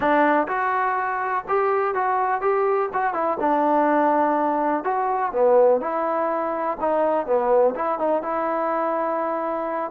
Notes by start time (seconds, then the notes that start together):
0.00 D4
0.47 F#4
1.48 G4
1.94 F#4
2.41 G4
2.93 F#4
3.13 E4
3.40 D4
4.83 F#4
5.32 B3
5.80 E4
6.80 D#4
7.26 B3
7.75 E4
7.98 D#4
8.22 E4